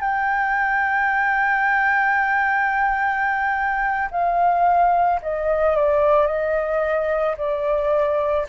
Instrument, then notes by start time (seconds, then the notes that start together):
flute
0.00 G5
4.11 F5
5.22 D#5
5.76 D5
6.26 D#5
7.37 D5